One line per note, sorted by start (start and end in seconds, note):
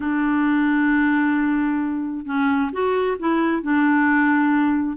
0.00 2.25 D4
2.25 2.70 C#4
2.72 3.17 F#4
3.19 3.62 E4
3.62 4.96 D4